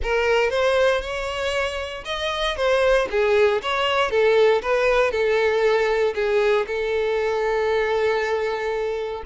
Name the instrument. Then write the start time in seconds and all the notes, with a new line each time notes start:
violin
0.02 A#4
0.50 C5
1.01 C#5
2.05 D#5
2.56 C5
3.10 G#4
3.62 C#5
4.10 A4
4.62 B4
5.11 A4
6.14 G#4
6.67 A4